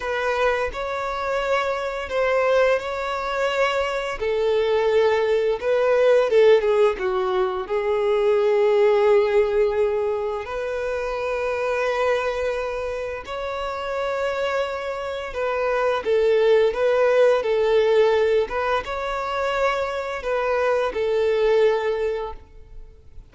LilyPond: \new Staff \with { instrumentName = "violin" } { \time 4/4 \tempo 4 = 86 b'4 cis''2 c''4 | cis''2 a'2 | b'4 a'8 gis'8 fis'4 gis'4~ | gis'2. b'4~ |
b'2. cis''4~ | cis''2 b'4 a'4 | b'4 a'4. b'8 cis''4~ | cis''4 b'4 a'2 | }